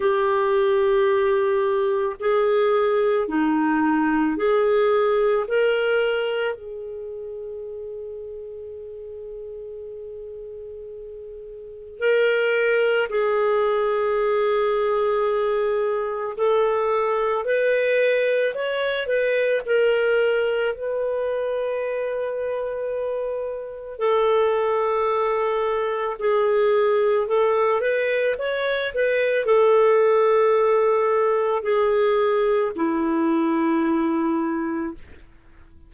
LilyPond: \new Staff \with { instrumentName = "clarinet" } { \time 4/4 \tempo 4 = 55 g'2 gis'4 dis'4 | gis'4 ais'4 gis'2~ | gis'2. ais'4 | gis'2. a'4 |
b'4 cis''8 b'8 ais'4 b'4~ | b'2 a'2 | gis'4 a'8 b'8 cis''8 b'8 a'4~ | a'4 gis'4 e'2 | }